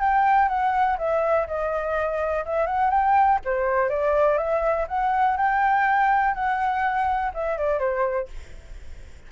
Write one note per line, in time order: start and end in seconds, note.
0.00 0.48 G5
0.48 0.97 F#5
0.98 1.47 E5
1.47 2.45 D#5
2.45 2.66 E5
2.66 2.90 F#5
2.90 3.39 G5
3.45 3.89 C5
3.89 4.38 D5
4.38 4.86 E5
4.88 5.37 F#5
5.37 6.34 G5
6.34 7.32 F#5
7.34 7.58 E5
7.58 7.79 D5
7.79 8.28 C5